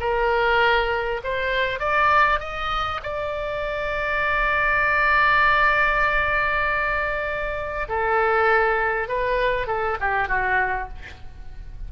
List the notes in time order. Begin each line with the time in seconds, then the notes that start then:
0.00 A#4
1.24 C5
1.80 D5
2.40 D#5
3.03 D5
7.89 A4
9.08 B4
9.67 A4
10.00 G4
10.28 F#4